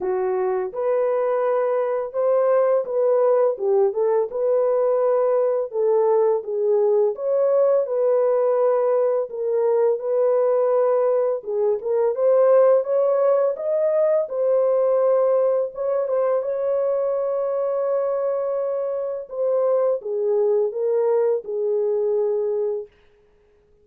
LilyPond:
\new Staff \with { instrumentName = "horn" } { \time 4/4 \tempo 4 = 84 fis'4 b'2 c''4 | b'4 g'8 a'8 b'2 | a'4 gis'4 cis''4 b'4~ | b'4 ais'4 b'2 |
gis'8 ais'8 c''4 cis''4 dis''4 | c''2 cis''8 c''8 cis''4~ | cis''2. c''4 | gis'4 ais'4 gis'2 | }